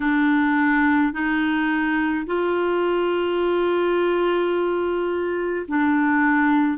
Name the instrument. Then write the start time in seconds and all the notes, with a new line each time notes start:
clarinet
0.00 D4
1.13 D#4
2.26 F4
5.68 D4